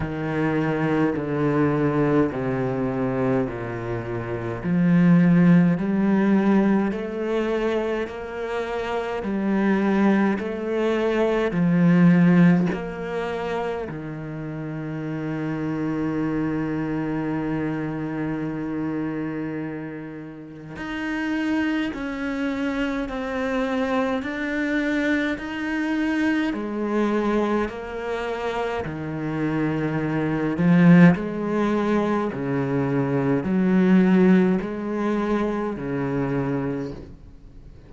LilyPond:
\new Staff \with { instrumentName = "cello" } { \time 4/4 \tempo 4 = 52 dis4 d4 c4 ais,4 | f4 g4 a4 ais4 | g4 a4 f4 ais4 | dis1~ |
dis2 dis'4 cis'4 | c'4 d'4 dis'4 gis4 | ais4 dis4. f8 gis4 | cis4 fis4 gis4 cis4 | }